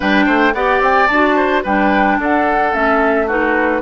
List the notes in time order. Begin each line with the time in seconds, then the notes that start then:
0.00 G3 D4 B4 G5
0.25 A3 C5
0.54 B3 G4 D5 F#5
0.80 C4 G5
1.07 D4 F#4 A5
1.35 C5
1.63 G3 D4 B4 G5
2.18 D4 A4 F#5
2.72 A3 C#4 E5
3.26 D#4 F#4 B4